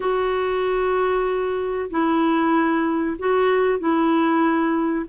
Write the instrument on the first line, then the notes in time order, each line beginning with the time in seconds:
clarinet
0.00 F#4
1.90 E4
3.18 F#4
3.79 E4